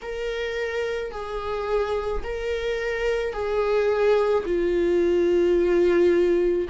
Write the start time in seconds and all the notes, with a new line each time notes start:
0.02 A#4
1.11 G#4
2.23 A#4
3.33 G#4
4.45 F4